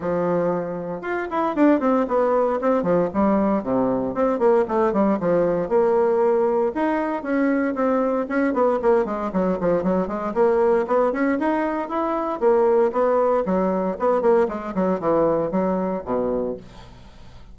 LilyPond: \new Staff \with { instrumentName = "bassoon" } { \time 4/4 \tempo 4 = 116 f2 f'8 e'8 d'8 c'8 | b4 c'8 f8 g4 c4 | c'8 ais8 a8 g8 f4 ais4~ | ais4 dis'4 cis'4 c'4 |
cis'8 b8 ais8 gis8 fis8 f8 fis8 gis8 | ais4 b8 cis'8 dis'4 e'4 | ais4 b4 fis4 b8 ais8 | gis8 fis8 e4 fis4 b,4 | }